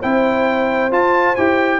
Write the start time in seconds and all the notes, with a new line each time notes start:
0.00 C4 E4 C5 G5
0.91 F4 A5
1.36 E4 G4 G5